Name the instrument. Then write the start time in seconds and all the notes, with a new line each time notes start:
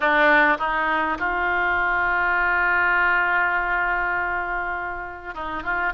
oboe
0.00 D4
0.58 D#4
1.18 F4
5.34 D#4
5.63 F4